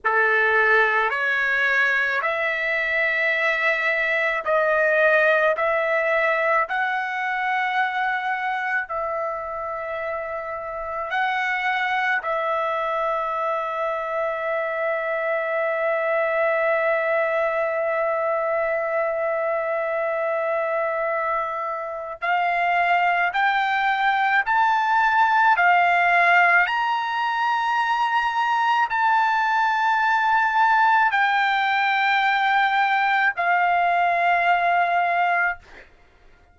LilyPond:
\new Staff \with { instrumentName = "trumpet" } { \time 4/4 \tempo 4 = 54 a'4 cis''4 e''2 | dis''4 e''4 fis''2 | e''2 fis''4 e''4~ | e''1~ |
e''1 | f''4 g''4 a''4 f''4 | ais''2 a''2 | g''2 f''2 | }